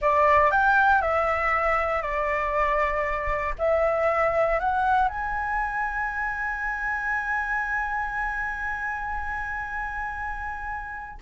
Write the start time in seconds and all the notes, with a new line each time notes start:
0.01 D5
0.51 G5
1.01 E5
2.02 D5
3.58 E5
4.59 F#5
5.08 G#5